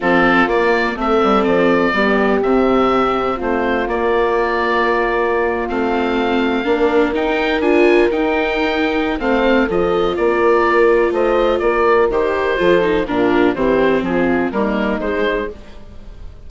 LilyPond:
<<
  \new Staff \with { instrumentName = "oboe" } { \time 4/4 \tempo 4 = 124 a'4 d''4 e''4 d''4~ | d''4 e''2 c''4 | d''2.~ d''8. f''16~ | f''2~ f''8. g''4 gis''16~ |
gis''8. g''2~ g''16 f''4 | dis''4 d''2 dis''4 | d''4 c''2 ais'4 | c''4 gis'4 ais'4 c''4 | }
  \new Staff \with { instrumentName = "horn" } { \time 4/4 f'2 a'2 | g'2. f'4~ | f'1~ | f'4.~ f'16 ais'2~ ais'16~ |
ais'2. c''4 | a'4 ais'2 c''4 | ais'2 a'4 f'4 | g'4 f'4 dis'2 | }
  \new Staff \with { instrumentName = "viola" } { \time 4/4 c'4 ais4 c'2 | b4 c'2. | ais2.~ ais8. c'16~ | c'4.~ c'16 d'4 dis'4 f'16~ |
f'8. dis'2~ dis'16 c'4 | f'1~ | f'4 g'4 f'8 dis'8 d'4 | c'2 ais4 gis4 | }
  \new Staff \with { instrumentName = "bassoon" } { \time 4/4 f4 ais4 a8 g8 f4 | g4 c2 a4 | ais2.~ ais8. a16~ | a4.~ a16 ais4 dis'4 d'16~ |
d'8. dis'2~ dis'16 a4 | f4 ais2 a4 | ais4 dis4 f4 ais,4 | e4 f4 g4 gis4 | }
>>